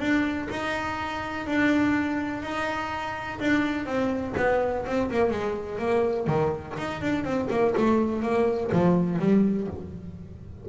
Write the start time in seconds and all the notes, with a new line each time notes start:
0.00 D4
0.50 D#4
1.46 D4
2.43 D#4
3.40 D4
3.86 C4
4.37 B3
4.86 C4
5.10 A#3
5.31 G#3
5.79 A#3
6.27 D#3
6.78 D#4
7.02 D4
7.24 C4
7.50 A#3
7.77 A3
8.22 A#3
8.72 F3
9.19 G3